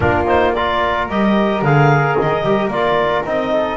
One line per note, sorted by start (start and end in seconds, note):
0.00 1.08 A#3
0.00 0.26 D4
0.00 0.54 F4
0.00 0.25 A#4
0.26 0.53 D#4
0.26 0.53 C5
0.53 1.10 F4
0.53 3.52 A#4
0.53 1.08 D5
1.08 1.61 G3
1.08 1.64 G4
1.08 1.63 D#5
1.61 2.15 D3
1.61 2.44 G#4
1.61 2.17 F5
2.19 2.42 D#3
2.19 2.70 D#5
2.42 2.67 G3
2.42 2.71 G4
2.67 3.21 A#3
2.67 3.25 F4
2.67 3.24 D5
3.25 3.76 C4
3.25 3.76 D#4
3.25 3.76 D#5
3.52 3.76 A4